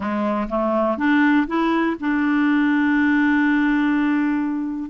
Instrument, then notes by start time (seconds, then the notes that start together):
clarinet
0.00 G#3
0.49 A3
0.97 D4
1.47 E4
1.99 D4